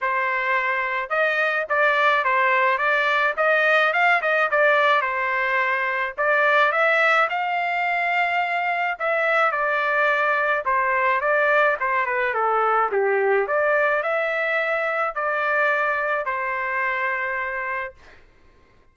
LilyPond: \new Staff \with { instrumentName = "trumpet" } { \time 4/4 \tempo 4 = 107 c''2 dis''4 d''4 | c''4 d''4 dis''4 f''8 dis''8 | d''4 c''2 d''4 | e''4 f''2. |
e''4 d''2 c''4 | d''4 c''8 b'8 a'4 g'4 | d''4 e''2 d''4~ | d''4 c''2. | }